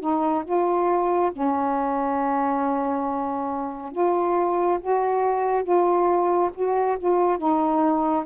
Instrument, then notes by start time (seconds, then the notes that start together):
saxophone
0.00 D#4
0.44 F4
1.32 C#4
3.92 F4
4.80 F#4
5.63 F4
6.54 F#4
6.98 F4
7.38 D#4